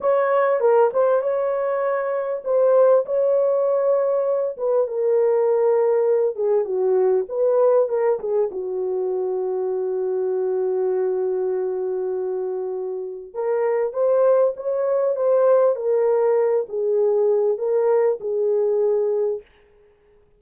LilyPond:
\new Staff \with { instrumentName = "horn" } { \time 4/4 \tempo 4 = 99 cis''4 ais'8 c''8 cis''2 | c''4 cis''2~ cis''8 b'8 | ais'2~ ais'8 gis'8 fis'4 | b'4 ais'8 gis'8 fis'2~ |
fis'1~ | fis'2 ais'4 c''4 | cis''4 c''4 ais'4. gis'8~ | gis'4 ais'4 gis'2 | }